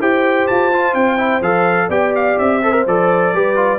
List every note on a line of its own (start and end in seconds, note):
0.00 0.48 E4
0.00 0.72 G4
0.00 1.88 C5
0.00 0.47 G5
0.47 0.94 F4
0.47 0.94 A5
0.73 1.17 F4
0.94 1.41 C4
0.94 1.42 G5
1.17 1.41 E4
1.41 1.88 F3
1.41 1.90 A4
1.41 1.90 F5
1.88 2.36 B3
1.88 2.62 G4
1.88 2.60 D5
1.88 2.14 G5
2.15 2.38 F5
2.38 2.86 C4
2.38 2.86 E5
2.62 2.72 A4
2.62 3.35 C5
2.72 2.84 A#4
2.86 3.33 F3
2.86 3.34 A4
2.86 3.78 D5
3.33 3.78 G3
3.33 3.56 G4
3.33 3.78 B4
3.56 3.78 F4